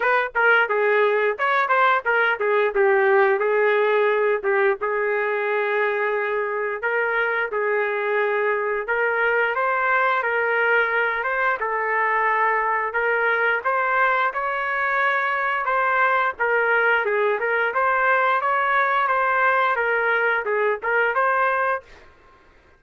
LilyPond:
\new Staff \with { instrumentName = "trumpet" } { \time 4/4 \tempo 4 = 88 b'8 ais'8 gis'4 cis''8 c''8 ais'8 gis'8 | g'4 gis'4. g'8 gis'4~ | gis'2 ais'4 gis'4~ | gis'4 ais'4 c''4 ais'4~ |
ais'8 c''8 a'2 ais'4 | c''4 cis''2 c''4 | ais'4 gis'8 ais'8 c''4 cis''4 | c''4 ais'4 gis'8 ais'8 c''4 | }